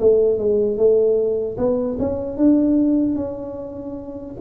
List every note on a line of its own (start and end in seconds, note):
0.00 0.39 A3
0.39 0.77 G#3
0.77 1.57 A3
1.57 1.97 B3
2.00 2.37 C#4
2.37 3.16 D4
3.16 4.36 C#4